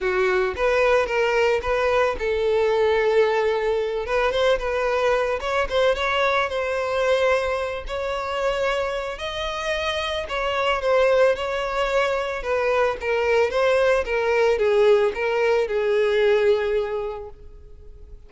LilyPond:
\new Staff \with { instrumentName = "violin" } { \time 4/4 \tempo 4 = 111 fis'4 b'4 ais'4 b'4 | a'2.~ a'8 b'8 | c''8 b'4. cis''8 c''8 cis''4 | c''2~ c''8 cis''4.~ |
cis''4 dis''2 cis''4 | c''4 cis''2 b'4 | ais'4 c''4 ais'4 gis'4 | ais'4 gis'2. | }